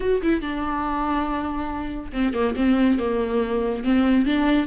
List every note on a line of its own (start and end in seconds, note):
0.00 0.21 F#4
0.22 0.41 E4
0.41 2.11 D4
2.12 2.33 C4
2.33 2.55 A#3
2.56 2.98 C4
2.99 3.83 A#3
3.83 4.26 C4
4.26 4.66 D4